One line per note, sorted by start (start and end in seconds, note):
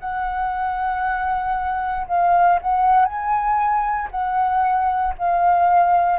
0.00 2.07 F#5
2.08 2.60 F5
2.62 3.06 F#5
3.06 4.09 G#5
4.11 5.14 F#5
5.18 6.19 F5